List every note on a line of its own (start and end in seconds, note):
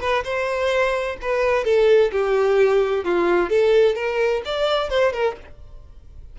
0.00 0.23 B4
0.23 1.16 C5
1.21 1.64 B4
1.64 2.11 A4
2.12 3.04 G4
3.04 3.49 F4
3.49 3.95 A4
3.95 4.41 A#4
4.45 4.89 D5
4.89 5.12 C5
5.12 5.36 A#4